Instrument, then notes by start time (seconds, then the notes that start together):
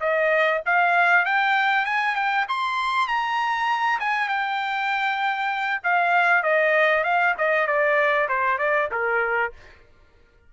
trumpet
0.00 D#5
0.65 F5
1.25 G5
1.85 G#5
2.15 G5
2.48 C6
3.08 A#5
4.00 G#5
4.28 G5
5.83 F5
6.43 D#5
7.04 F5
7.37 D#5
7.67 D5
8.28 C5
8.58 D5
8.91 A#4